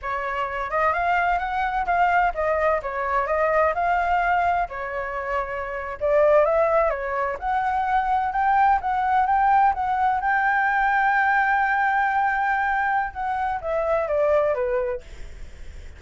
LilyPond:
\new Staff \with { instrumentName = "flute" } { \time 4/4 \tempo 4 = 128 cis''4. dis''8 f''4 fis''4 | f''4 dis''4 cis''4 dis''4 | f''2 cis''2~ | cis''8. d''4 e''4 cis''4 fis''16~ |
fis''4.~ fis''16 g''4 fis''4 g''16~ | g''8. fis''4 g''2~ g''16~ | g''1 | fis''4 e''4 d''4 b'4 | }